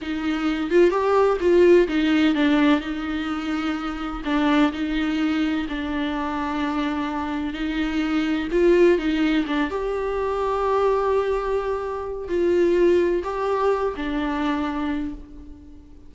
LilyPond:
\new Staff \with { instrumentName = "viola" } { \time 4/4 \tempo 4 = 127 dis'4. f'8 g'4 f'4 | dis'4 d'4 dis'2~ | dis'4 d'4 dis'2 | d'1 |
dis'2 f'4 dis'4 | d'8 g'2.~ g'8~ | g'2 f'2 | g'4. d'2~ d'8 | }